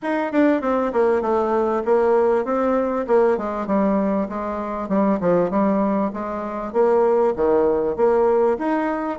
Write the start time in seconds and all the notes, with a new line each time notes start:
0.02 D#4
0.32 D4
0.61 C4
0.92 A#3
1.21 A3
1.85 A#3
2.45 C4
3.07 A#3
3.37 G#3
3.66 G3
4.29 G#3
4.88 G3
5.20 F3
5.50 G3
6.13 G#3
6.72 A#3
7.36 D#3
7.96 A#3
8.58 D#4